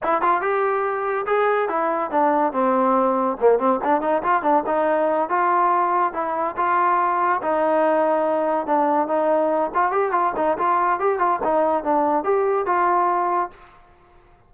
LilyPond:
\new Staff \with { instrumentName = "trombone" } { \time 4/4 \tempo 4 = 142 e'8 f'8 g'2 gis'4 | e'4 d'4 c'2 | ais8 c'8 d'8 dis'8 f'8 d'8 dis'4~ | dis'8 f'2 e'4 f'8~ |
f'4. dis'2~ dis'8~ | dis'8 d'4 dis'4. f'8 g'8 | f'8 dis'8 f'4 g'8 f'8 dis'4 | d'4 g'4 f'2 | }